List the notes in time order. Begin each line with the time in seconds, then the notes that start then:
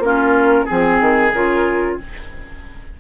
0.00 A#3 C#4 F4 A#4
0.65 C4 G#4
0.71 F3
1.01 D#3
1.33 C#3 F4 A#4